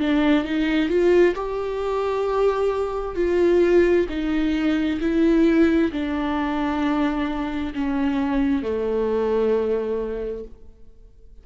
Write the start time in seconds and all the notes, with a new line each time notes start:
0.00 D4
0.45 D#4
0.89 F4
1.35 G4
3.16 F4
4.09 D#4
5.01 E4
5.92 D4
7.75 C#4
8.63 A3